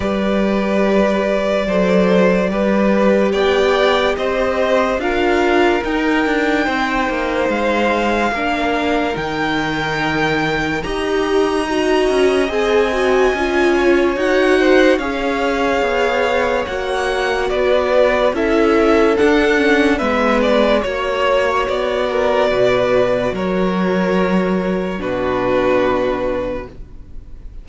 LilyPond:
<<
  \new Staff \with { instrumentName = "violin" } { \time 4/4 \tempo 4 = 72 d''1 | g''4 dis''4 f''4 g''4~ | g''4 f''2 g''4~ | g''4 ais''2 gis''4~ |
gis''4 fis''4 f''2 | fis''4 d''4 e''4 fis''4 | e''8 d''8 cis''4 d''2 | cis''2 b'2 | }
  \new Staff \with { instrumentName = "violin" } { \time 4/4 b'2 c''4 b'4 | d''4 c''4 ais'2 | c''2 ais'2~ | ais'4 dis''2.~ |
dis''8 cis''4 c''8 cis''2~ | cis''4 b'4 a'2 | b'4 cis''4. ais'8 b'4 | ais'2 fis'2 | }
  \new Staff \with { instrumentName = "viola" } { \time 4/4 g'2 a'4 g'4~ | g'2 f'4 dis'4~ | dis'2 d'4 dis'4~ | dis'4 g'4 fis'4 gis'8 fis'8 |
f'4 fis'4 gis'2 | fis'2 e'4 d'8 cis'8 | b4 fis'2.~ | fis'2 d'2 | }
  \new Staff \with { instrumentName = "cello" } { \time 4/4 g2 fis4 g4 | b4 c'4 d'4 dis'8 d'8 | c'8 ais8 gis4 ais4 dis4~ | dis4 dis'4. cis'8 c'4 |
cis'4 dis'4 cis'4 b4 | ais4 b4 cis'4 d'4 | gis4 ais4 b4 b,4 | fis2 b,2 | }
>>